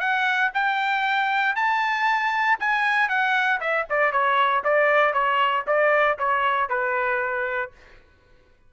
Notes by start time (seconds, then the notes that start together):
0.00 F#5
0.54 G5
1.56 A5
2.60 G#5
3.09 F#5
3.60 E5
3.90 D5
4.12 C#5
4.64 D5
5.13 C#5
5.67 D5
6.19 C#5
6.69 B4